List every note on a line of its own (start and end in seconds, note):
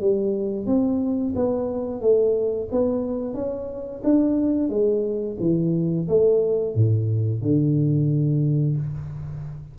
0.00 0.66 G3
0.66 1.33 C4
1.35 2.01 B3
2.01 2.68 A3
2.71 3.34 B3
3.34 4.01 C#4
4.04 4.69 D4
4.69 5.37 G#3
5.40 6.07 E3
6.08 6.75 A3
6.75 7.42 A2
7.42 8.76 D3